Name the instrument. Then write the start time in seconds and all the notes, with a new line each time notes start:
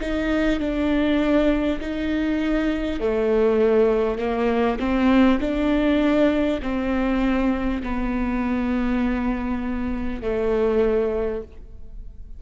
viola
0.00 D#4
0.59 D4
1.80 D#4
2.99 A3
4.17 A#3
4.79 C4
5.40 D4
6.62 C4
7.82 B3
10.22 A3